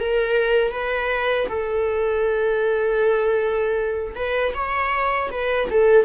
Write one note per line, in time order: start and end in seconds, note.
0.00 0.71 A#4
0.71 1.47 B4
1.49 4.15 A4
4.16 4.54 B4
4.55 5.31 C#5
5.31 5.69 B4
5.71 6.06 A4